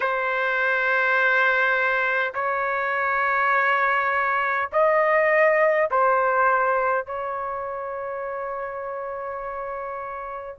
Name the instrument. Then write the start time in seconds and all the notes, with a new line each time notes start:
trumpet
0.00 C5
2.34 C#5
4.72 D#5
5.90 C5
7.06 C#5